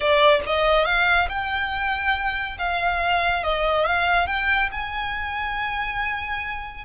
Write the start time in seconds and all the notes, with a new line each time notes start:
0.00 D5
0.46 D#5
0.85 F5
1.29 G5
2.58 F5
3.43 D#5
3.86 F5
4.26 G5
4.71 G#5